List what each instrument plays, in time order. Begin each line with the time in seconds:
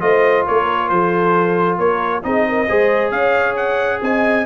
0.00 tuba A3, trombone F4, horn C5, trumpet D#5
0.46 tuba A#3, horn A#4, trumpet C#5
0.89 tuba F3, horn A4, trumpet C5
1.79 tuba A#3, horn A#4, trumpet C#5
2.23 tuba C4, trombone D#4, horn G#4, trumpet D#5
2.49 horn A#4
2.68 tuba G#3, trombone G#4, horn C5
3.11 tuba C#4, horn C#5, trumpet F5
3.56 trumpet F#5
4.02 tuba C4, horn D#5, trumpet G#5